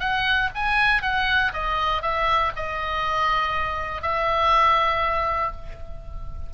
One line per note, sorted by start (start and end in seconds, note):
0.00 0.50 F#5
0.55 1.02 G#5
1.02 1.52 F#5
1.53 2.02 D#5
2.02 2.52 E5
2.56 4.02 D#5
4.02 5.52 E5